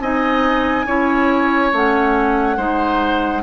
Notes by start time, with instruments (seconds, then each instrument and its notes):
0.00 bassoon C4, clarinet D#4, oboe D#5, flute G#5
0.86 bassoon C#4, clarinet E4, oboe C#5
1.72 bassoon A3, clarinet C#4, flute F#5
2.57 bassoon G#3, clarinet D#4, oboe C5